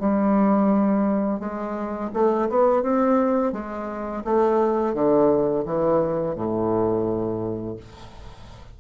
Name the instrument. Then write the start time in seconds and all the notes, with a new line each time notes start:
bassoon
0.00 G3
1.40 G#3
2.14 A3
2.50 B3
2.83 C4
3.53 G#3
4.24 A3
4.94 D3
5.66 E3
6.35 A2